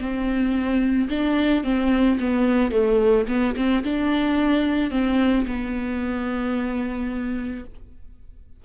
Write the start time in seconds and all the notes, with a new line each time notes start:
0.00 C4
1.10 D4
1.64 C4
2.20 B3
2.72 A3
3.28 B3
3.57 C4
3.84 D4
4.91 C4
5.47 B3